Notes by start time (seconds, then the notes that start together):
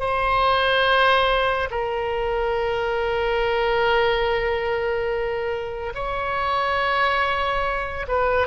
0.00 C5
1.71 A#4
5.95 C#5
8.08 B4